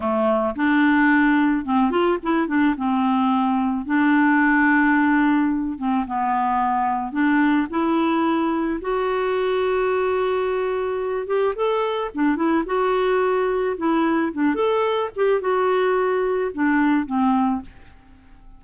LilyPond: \new Staff \with { instrumentName = "clarinet" } { \time 4/4 \tempo 4 = 109 a4 d'2 c'8 f'8 | e'8 d'8 c'2 d'4~ | d'2~ d'8 c'8 b4~ | b4 d'4 e'2 |
fis'1~ | fis'8 g'8 a'4 d'8 e'8 fis'4~ | fis'4 e'4 d'8 a'4 g'8 | fis'2 d'4 c'4 | }